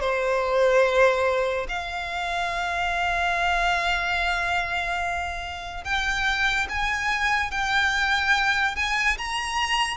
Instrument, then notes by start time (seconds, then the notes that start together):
violin
0.00 C5
1.68 F5
5.84 G5
6.69 G#5
7.51 G5
8.76 G#5
9.18 A#5